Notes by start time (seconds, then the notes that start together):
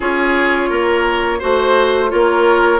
0.00 C#4 F4 G#4 C#5
0.69 A#3 A#4
1.39 A3 F#4 C5
2.09 A#3 F4 A#4 C#5